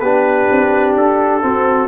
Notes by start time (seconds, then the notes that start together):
0.00 B3 D4 G4 B4
0.51 C4
0.96 D4 A4
1.42 C4 F#4